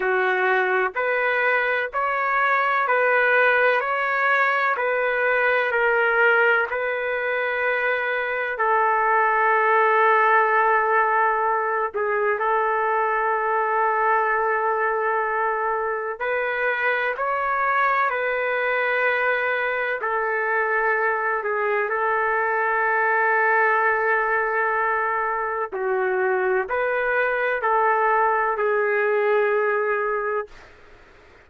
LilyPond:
\new Staff \with { instrumentName = "trumpet" } { \time 4/4 \tempo 4 = 63 fis'4 b'4 cis''4 b'4 | cis''4 b'4 ais'4 b'4~ | b'4 a'2.~ | a'8 gis'8 a'2.~ |
a'4 b'4 cis''4 b'4~ | b'4 a'4. gis'8 a'4~ | a'2. fis'4 | b'4 a'4 gis'2 | }